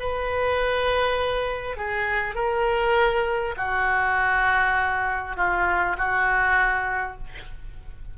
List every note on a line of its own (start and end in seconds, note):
0.00 1.77 B4
1.77 2.35 G#4
2.35 3.55 A#4
3.57 5.37 F#4
5.37 5.97 F4
5.98 7.18 F#4